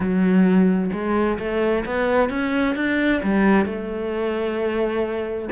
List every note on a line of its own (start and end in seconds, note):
0.00 0.90 F#3
0.92 1.38 G#3
1.38 1.84 A3
1.85 2.29 B3
2.29 2.75 C#4
2.75 3.21 D4
3.23 3.65 G3
3.65 5.48 A3